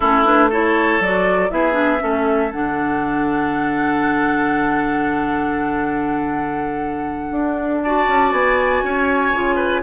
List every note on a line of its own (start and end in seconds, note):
0.00 1.00 A3
0.00 0.25 C#4
0.00 0.49 E4
0.00 0.24 A4
0.24 0.50 D4
0.24 0.50 B4
0.49 1.02 E4
0.49 1.50 A4
0.49 1.02 C#5
1.00 1.50 F#3
1.00 1.49 F#4
1.00 1.50 D5
1.49 2.01 B3
1.49 1.72 E4
1.49 2.02 G#4
1.49 2.51 E5
1.72 1.97 D4
1.99 2.52 A3
1.99 2.50 C#4
1.99 7.82 A4
2.51 7.31 D3
2.51 7.82 D4
2.51 7.81 F#5
7.31 8.06 D4
7.81 9.34 F#4
7.81 8.84 D5
7.81 8.32 A5
8.07 8.32 C#4
8.32 8.82 B3
8.32 9.82 G#5
8.83 9.32 C#4
8.83 9.55 C#5
9.32 9.82 C#3
9.32 9.82 F4
9.55 9.80 B4